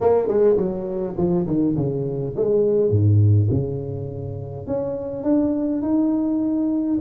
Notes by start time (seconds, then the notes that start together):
0.01 A#3
0.27 G#3
0.56 F#3
1.17 F3
1.46 D#3
1.76 C#3
2.36 G#3
2.90 G#2
3.50 C#3
4.66 C#4
5.23 D4
5.82 D#4